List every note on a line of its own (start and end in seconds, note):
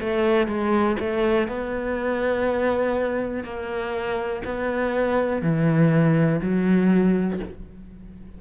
0.00 0.47 A3
0.47 0.96 G#3
0.99 1.48 A3
1.48 3.44 B3
3.44 4.42 A#3
4.44 5.42 B3
5.42 6.40 E3
6.41 7.39 F#3